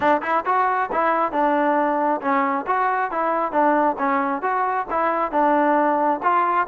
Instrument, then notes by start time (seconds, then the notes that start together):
trombone
0.00 D4
0.22 E4
0.45 F#4
0.92 E4
1.32 D4
2.21 C#4
2.66 F#4
3.11 E4
3.52 D4
3.98 C#4
4.42 F#4
4.90 E4
5.31 D4
6.22 F4